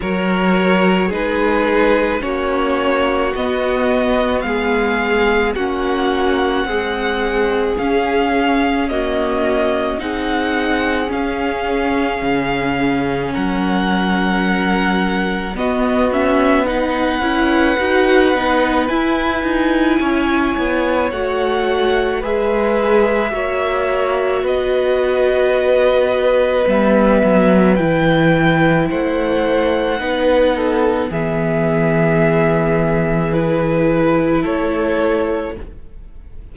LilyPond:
<<
  \new Staff \with { instrumentName = "violin" } { \time 4/4 \tempo 4 = 54 cis''4 b'4 cis''4 dis''4 | f''4 fis''2 f''4 | dis''4 fis''4 f''2 | fis''2 dis''8 e''8 fis''4~ |
fis''4 gis''2 fis''4 | e''2 dis''2 | e''4 g''4 fis''2 | e''2 b'4 cis''4 | }
  \new Staff \with { instrumentName = "violin" } { \time 4/4 ais'4 gis'4 fis'2 | gis'4 fis'4 gis'2 | fis'4 gis'2. | ais'2 fis'4 b'4~ |
b'2 cis''2 | b'4 cis''4 b'2~ | b'2 c''4 b'8 a'8 | gis'2. a'4 | }
  \new Staff \with { instrumentName = "viola" } { \time 4/4 fis'4 dis'4 cis'4 b4~ | b4 cis'4 gis4 cis'4 | ais4 dis'4 cis'2~ | cis'2 b8 cis'8 dis'8 e'8 |
fis'8 dis'8 e'2 fis'4 | gis'4 fis'2. | b4 e'2 dis'4 | b2 e'2 | }
  \new Staff \with { instrumentName = "cello" } { \time 4/4 fis4 gis4 ais4 b4 | gis4 ais4 c'4 cis'4~ | cis'4 c'4 cis'4 cis4 | fis2 b4. cis'8 |
dis'8 b8 e'8 dis'8 cis'8 b8 a4 | gis4 ais4 b2 | g8 fis8 e4 a4 b4 | e2. a4 | }
>>